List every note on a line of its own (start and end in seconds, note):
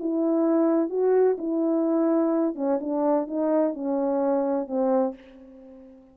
0.00 0.90 E4
0.90 1.37 F#4
1.38 2.56 E4
2.56 2.79 C#4
2.81 3.28 D4
3.28 3.75 D#4
3.75 4.68 C#4
4.68 5.15 C4